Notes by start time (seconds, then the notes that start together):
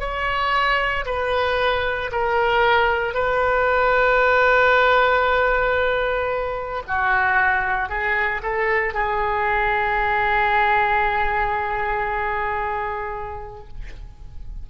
0.00 C#5
1.06 B4
2.12 A#4
3.15 B4
6.88 F#4
7.89 G#4
8.43 A4
8.94 G#4